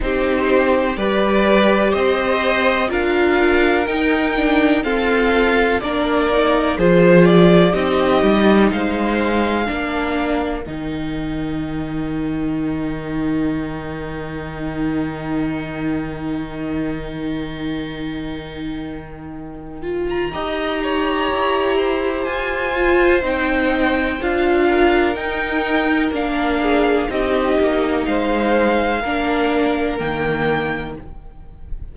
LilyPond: <<
  \new Staff \with { instrumentName = "violin" } { \time 4/4 \tempo 4 = 62 c''4 d''4 dis''4 f''4 | g''4 f''4 d''4 c''8 d''8 | dis''4 f''2 g''4~ | g''1~ |
g''1~ | g''8. ais''2~ ais''16 gis''4 | g''4 f''4 g''4 f''4 | dis''4 f''2 g''4 | }
  \new Staff \with { instrumentName = "violin" } { \time 4/4 g'4 b'4 c''4 ais'4~ | ais'4 a'4 ais'4 gis'4 | g'4 c''4 ais'2~ | ais'1~ |
ais'1~ | ais'4 dis''8 cis''4 c''4.~ | c''4. ais'2 gis'8 | g'4 c''4 ais'2 | }
  \new Staff \with { instrumentName = "viola" } { \time 4/4 dis'4 g'2 f'4 | dis'8 d'8 c'4 d'8 dis'8 f'4 | dis'2 d'4 dis'4~ | dis'1~ |
dis'1~ | dis'8 f'8 g'2~ g'8 f'8 | dis'4 f'4 dis'4 d'4 | dis'2 d'4 ais4 | }
  \new Staff \with { instrumentName = "cello" } { \time 4/4 c'4 g4 c'4 d'4 | dis'4 f'4 ais4 f4 | c'8 g8 gis4 ais4 dis4~ | dis1~ |
dis1~ | dis4 dis'4 e'4 f'4 | c'4 d'4 dis'4 ais4 | c'8 ais8 gis4 ais4 dis4 | }
>>